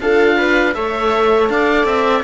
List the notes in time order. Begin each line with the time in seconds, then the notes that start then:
0.00 D4 F4 A4 F5
0.37 B4
0.74 A3 A4 C#5 E5
1.49 D4 D5 F5
1.85 C4 E5